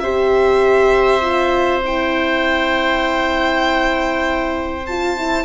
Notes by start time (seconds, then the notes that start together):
0.00 C4 G4 C5 E5
1.21 F4
1.83 E4 G5
4.86 F4 A5
5.17 E4